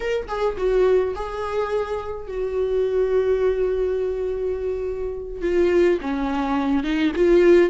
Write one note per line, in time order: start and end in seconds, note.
0.00 0.27 A#4
0.27 0.56 G#4
0.57 1.14 F#4
1.15 2.27 G#4
2.27 5.41 F#4
5.41 5.98 F4
6.01 6.83 C#4
6.83 7.12 D#4
7.15 7.70 F4